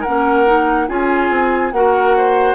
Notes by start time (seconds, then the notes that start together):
0.00 A#4 F#5
0.06 A#3 C#4
0.45 D#4
0.87 C#4 F4 G#4 G#5
1.30 C4
1.72 A#3 F#4 A#4 F#5
2.17 C5